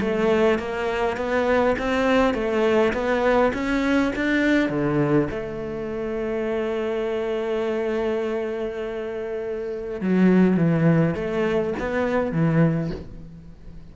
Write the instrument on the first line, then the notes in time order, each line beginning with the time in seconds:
cello
0.00 A3
0.59 A#3
1.17 B3
1.78 C4
2.33 A3
2.93 B3
3.53 C#4
4.15 D4
4.69 D3
5.30 A3
10.00 F#3
10.56 E3
11.14 A3
11.79 B3
12.32 E3